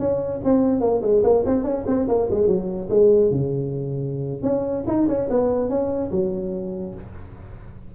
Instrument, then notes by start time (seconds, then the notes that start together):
tuba
0.00 C#4
0.45 C4
0.81 A#3
1.03 G#3
1.24 A#3
1.46 C4
1.64 C#4
1.87 C4
2.09 A#3
2.31 G#3
2.48 F#3
2.90 G#3
3.32 C#3
4.43 C#4
4.87 D#4
5.08 C#4
5.30 B3
5.70 C#4
6.12 F#3